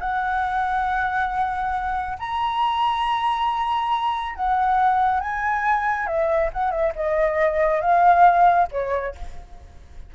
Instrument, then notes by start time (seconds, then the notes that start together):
flute
0.00 F#5
2.19 A#5
4.35 F#5
5.20 G#5
6.06 E5
6.53 F#5
6.71 E5
6.95 D#5
7.81 F5
8.71 C#5